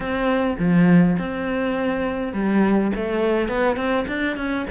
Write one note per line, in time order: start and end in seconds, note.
0.00 0.56 C4
0.58 1.17 F3
1.18 2.33 C4
2.33 2.91 G3
2.95 3.48 A3
3.48 3.76 B3
3.76 4.05 C4
4.07 4.36 D4
4.36 4.65 C#4